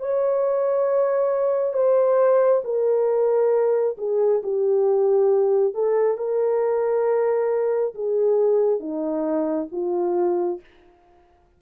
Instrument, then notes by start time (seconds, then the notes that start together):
horn
0.00 C#5
1.73 C5
2.64 A#4
3.97 G#4
4.43 G4
5.74 A4
6.18 A#4
7.95 G#4
8.80 D#4
9.72 F4